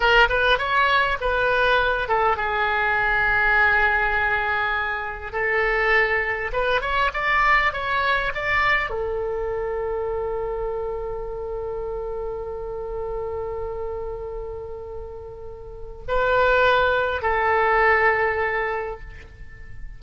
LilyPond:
\new Staff \with { instrumentName = "oboe" } { \time 4/4 \tempo 4 = 101 ais'8 b'8 cis''4 b'4. a'8 | gis'1~ | gis'4 a'2 b'8 cis''8 | d''4 cis''4 d''4 a'4~ |
a'1~ | a'1~ | a'2. b'4~ | b'4 a'2. | }